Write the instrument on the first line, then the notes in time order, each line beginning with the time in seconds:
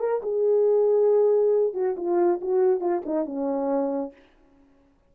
horn
0.00 A#4
0.23 G#4
1.74 F#4
1.97 F4
2.42 F#4
2.81 F4
3.06 D#4
3.26 C#4